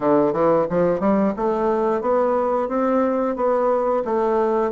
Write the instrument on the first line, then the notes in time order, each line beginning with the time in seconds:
bassoon
0.00 D3
0.32 E3
0.69 F3
0.99 G3
1.36 A3
2.01 B3
2.68 C4
3.36 B3
4.04 A3